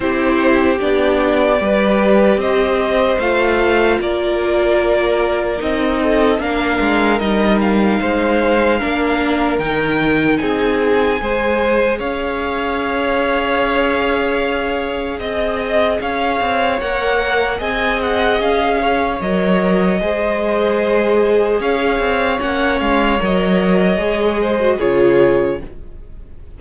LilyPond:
<<
  \new Staff \with { instrumentName = "violin" } { \time 4/4 \tempo 4 = 75 c''4 d''2 dis''4 | f''4 d''2 dis''4 | f''4 dis''8 f''2~ f''8 | g''4 gis''2 f''4~ |
f''2. dis''4 | f''4 fis''4 gis''8 fis''8 f''4 | dis''2. f''4 | fis''8 f''8 dis''2 cis''4 | }
  \new Staff \with { instrumentName = "violin" } { \time 4/4 g'2 b'4 c''4~ | c''4 ais'2~ ais'8 a'8 | ais'2 c''4 ais'4~ | ais'4 gis'4 c''4 cis''4~ |
cis''2. dis''4 | cis''2 dis''4. cis''8~ | cis''4 c''2 cis''4~ | cis''2~ cis''8 c''8 gis'4 | }
  \new Staff \with { instrumentName = "viola" } { \time 4/4 e'4 d'4 g'2 | f'2. dis'4 | d'4 dis'2 d'4 | dis'2 gis'2~ |
gis'1~ | gis'4 ais'4 gis'2 | ais'4 gis'2. | cis'4 ais'4 gis'8. fis'16 f'4 | }
  \new Staff \with { instrumentName = "cello" } { \time 4/4 c'4 b4 g4 c'4 | a4 ais2 c'4 | ais8 gis8 g4 gis4 ais4 | dis4 c'4 gis4 cis'4~ |
cis'2. c'4 | cis'8 c'8 ais4 c'4 cis'4 | fis4 gis2 cis'8 c'8 | ais8 gis8 fis4 gis4 cis4 | }
>>